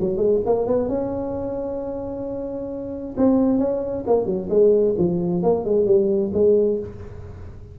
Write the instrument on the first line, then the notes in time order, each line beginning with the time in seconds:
tuba
0.00 F#3
0.17 G#3
0.45 A#3
0.67 B3
0.88 C#4
3.17 C4
3.58 C#4
4.07 A#3
4.26 F#3
4.50 G#3
4.98 F3
5.42 A#3
5.65 G#3
5.86 G3
6.33 G#3